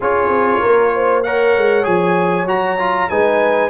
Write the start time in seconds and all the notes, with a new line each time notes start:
0.00 C#4 F4 G#4 C#5
0.28 C4
0.60 A#3 A#4
0.94 C5
1.23 A#4 C#5 F#5
1.57 G#3
1.82 F3 G#4 G#5
2.45 F#3 F#4 A#5
2.79 F4
3.09 G#3 D#4 B4 G#5